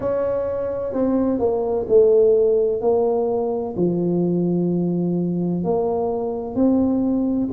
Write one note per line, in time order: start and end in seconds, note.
0.00 0.92 C#4
0.92 1.39 C4
1.39 1.86 A#3
1.88 2.81 A3
2.81 3.75 A#3
3.76 5.64 F3
5.64 6.55 A#3
6.55 7.48 C4